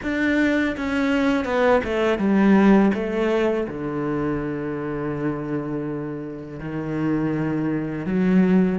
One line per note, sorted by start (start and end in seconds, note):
0.02 0.75 D4
0.76 1.44 C#4
1.44 1.81 B3
1.84 2.18 A3
2.18 2.91 G3
2.93 3.67 A3
3.68 6.59 D3
6.59 8.06 D#3
8.06 8.78 F#3